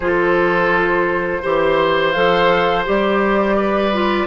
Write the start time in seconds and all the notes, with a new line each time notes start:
0.00 F3 F4 A4 C5
1.42 E3 G4 C5
2.12 F3 A4 F5
2.85 G3 G4 D5
3.56 B4
3.92 F4